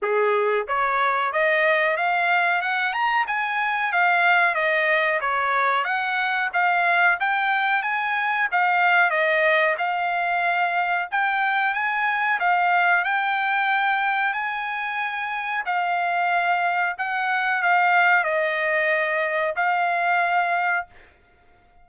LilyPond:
\new Staff \with { instrumentName = "trumpet" } { \time 4/4 \tempo 4 = 92 gis'4 cis''4 dis''4 f''4 | fis''8 ais''8 gis''4 f''4 dis''4 | cis''4 fis''4 f''4 g''4 | gis''4 f''4 dis''4 f''4~ |
f''4 g''4 gis''4 f''4 | g''2 gis''2 | f''2 fis''4 f''4 | dis''2 f''2 | }